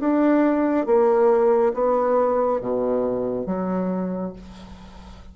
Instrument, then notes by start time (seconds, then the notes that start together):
bassoon
0.00 D4
0.86 A#3
1.74 B3
2.60 B2
3.46 F#3